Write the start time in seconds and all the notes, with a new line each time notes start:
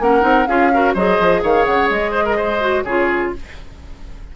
0.00 A#3 C#4 A#4 F#5
0.20 C4 D#4
0.47 C#4 F4 G#4 F5
0.73 F#4 A#4
0.94 F#3 G#4 C5 D#5
1.19 F3
1.43 D#3 C#5 F5
1.65 C#3 F#5
1.90 G#3 D#5
2.12 C5
2.25 A#4
2.36 C5
2.61 F#4
2.84 C#3 F4 G#4 C#5